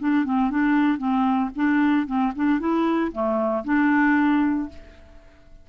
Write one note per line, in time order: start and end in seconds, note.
0.00 0.25 D4
0.25 0.51 C4
0.51 0.98 D4
0.98 1.50 C4
1.56 2.07 D4
2.07 2.33 C4
2.36 2.60 D4
2.60 3.12 E4
3.12 3.65 A3
3.65 4.69 D4